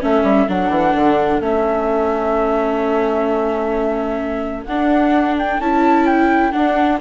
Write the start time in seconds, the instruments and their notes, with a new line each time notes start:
0.00 bassoon A3, viola C#4, saxophone A4, flute E5
0.23 bassoon G3
0.48 bassoon F#3, viola D4, flute F#5
0.69 bassoon E3
0.95 bassoon D3
1.40 bassoon A3, viola C#4, flute E5
4.65 bassoon D4, viola D4, flute F#5
5.38 flute G5
5.59 bassoon C#4, viola E4, flute A5
6.06 flute G5
6.51 viola D4, bassoon D4, flute F#5